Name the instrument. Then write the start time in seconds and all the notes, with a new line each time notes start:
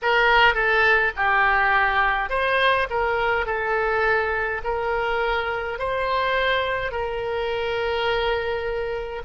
oboe
0.02 A#4
0.54 A4
1.16 G4
2.29 C5
2.90 A#4
3.46 A4
4.64 A#4
5.78 C5
6.91 A#4